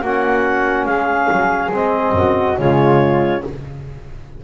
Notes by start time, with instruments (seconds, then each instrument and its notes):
0.00 double bass A#3, trombone C#4, flute F#4, clarinet F#5
0.85 double bass G#3, flute G#4, clarinet F5
1.31 double bass F#3
1.71 double bass G#3, trombone C4, clarinet D#5
2.11 double bass F#2, flute F#4
2.57 double bass C#3, trombone G#3, flute F4, clarinet C#5